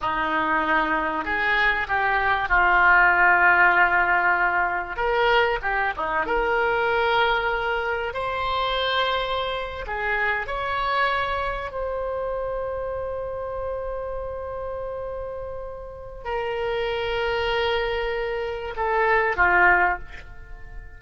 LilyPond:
\new Staff \with { instrumentName = "oboe" } { \time 4/4 \tempo 4 = 96 dis'2 gis'4 g'4 | f'1 | ais'4 g'8 dis'8 ais'2~ | ais'4 c''2~ c''8. gis'16~ |
gis'8. cis''2 c''4~ c''16~ | c''1~ | c''2 ais'2~ | ais'2 a'4 f'4 | }